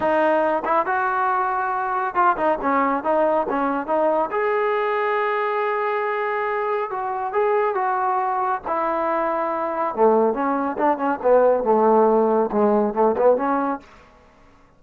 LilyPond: \new Staff \with { instrumentName = "trombone" } { \time 4/4 \tempo 4 = 139 dis'4. e'8 fis'2~ | fis'4 f'8 dis'8 cis'4 dis'4 | cis'4 dis'4 gis'2~ | gis'1 |
fis'4 gis'4 fis'2 | e'2. a4 | cis'4 d'8 cis'8 b4 a4~ | a4 gis4 a8 b8 cis'4 | }